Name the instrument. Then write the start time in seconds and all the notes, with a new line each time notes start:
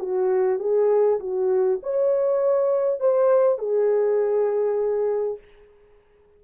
horn
0.00 F#4
0.59 G#4
1.20 F#4
1.83 C#5
3.00 C5
3.59 G#4